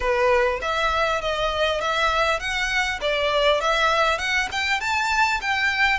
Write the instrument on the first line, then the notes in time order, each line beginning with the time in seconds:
violin
0.00 B4
0.61 E5
1.21 D#5
1.80 E5
2.39 F#5
3.01 D5
3.61 E5
4.18 F#5
4.51 G5
4.80 A5
5.41 G5